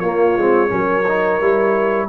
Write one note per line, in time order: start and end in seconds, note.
0.00 0.37 A#3
0.00 0.39 A#3
0.00 0.70 F4
0.00 2.07 C#5
0.37 0.72 G#3
0.37 0.69 C4
0.69 1.41 F#3
0.69 1.03 C#4
0.69 2.08 A#4
1.08 1.42 D#4
1.41 2.09 G3
1.41 2.09 E4